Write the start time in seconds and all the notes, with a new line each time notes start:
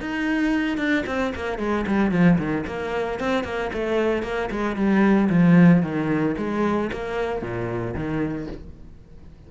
0.00 D#4
0.77 D4
1.06 C4
1.35 A#3
1.58 G#3
1.86 G3
2.11 F3
2.38 D#3
2.66 A#3
3.19 C4
3.43 A#3
3.73 A3
4.23 A#3
4.50 G#3
4.75 G3
5.29 F3
5.82 D#3
6.37 G#3
6.92 A#3
7.41 A#2
7.94 D#3